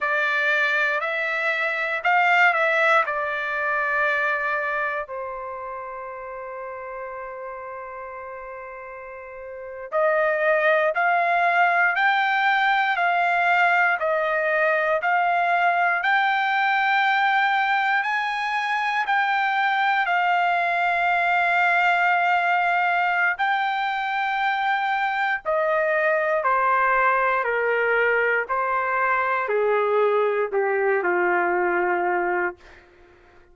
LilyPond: \new Staff \with { instrumentName = "trumpet" } { \time 4/4 \tempo 4 = 59 d''4 e''4 f''8 e''8 d''4~ | d''4 c''2.~ | c''4.~ c''16 dis''4 f''4 g''16~ | g''8. f''4 dis''4 f''4 g''16~ |
g''4.~ g''16 gis''4 g''4 f''16~ | f''2. g''4~ | g''4 dis''4 c''4 ais'4 | c''4 gis'4 g'8 f'4. | }